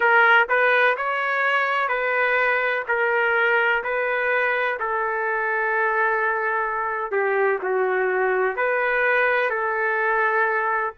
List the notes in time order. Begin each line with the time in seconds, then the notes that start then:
0.00 A#4
0.48 B4
0.97 C#5
1.88 B4
2.88 A#4
3.83 B4
4.79 A4
7.11 G4
7.62 F#4
8.56 B4
9.50 A4